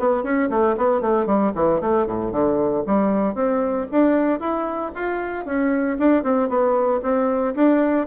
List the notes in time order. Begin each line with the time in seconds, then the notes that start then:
0.00 B3
0.24 C#4
0.51 A3
0.78 B3
1.02 A3
1.27 G3
1.55 E3
1.81 A3
2.07 A2
2.32 D3
2.87 G3
3.35 C4
3.92 D4
4.40 E4
4.95 F4
5.46 C#4
5.99 D4
6.24 C4
6.49 B3
7.03 C4
7.55 D4